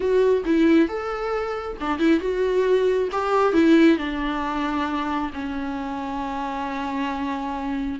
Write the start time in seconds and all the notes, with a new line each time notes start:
0.00 F#4
0.45 E4
0.88 A4
1.80 D4
1.98 E4
2.20 F#4
3.12 G4
3.53 E4
3.97 D4
5.33 C#4